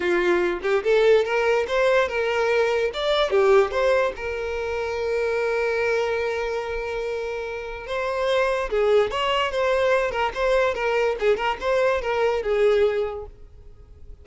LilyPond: \new Staff \with { instrumentName = "violin" } { \time 4/4 \tempo 4 = 145 f'4. g'8 a'4 ais'4 | c''4 ais'2 d''4 | g'4 c''4 ais'2~ | ais'1~ |
ais'2. c''4~ | c''4 gis'4 cis''4 c''4~ | c''8 ais'8 c''4 ais'4 gis'8 ais'8 | c''4 ais'4 gis'2 | }